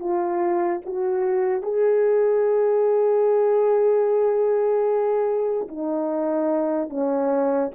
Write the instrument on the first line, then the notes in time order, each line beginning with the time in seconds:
horn
0.00 F4
0.86 F#4
1.63 G#4
5.69 D#4
6.90 C#4